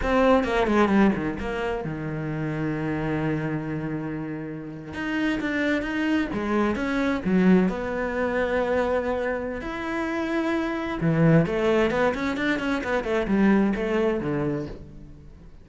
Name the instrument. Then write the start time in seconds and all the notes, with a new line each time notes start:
cello
0.02 C4
0.44 A#3
0.67 G#3
0.88 G3
1.15 D#3
1.39 A#3
1.84 D#3
4.93 D#4
5.40 D4
5.81 D#4
6.33 G#3
6.75 C#4
7.24 F#3
7.68 B3
9.61 E4
11.00 E3
11.45 A3
11.90 B3
12.14 C#4
12.36 D4
12.59 C#4
12.83 B3
13.03 A3
13.27 G3
13.75 A3
14.20 D3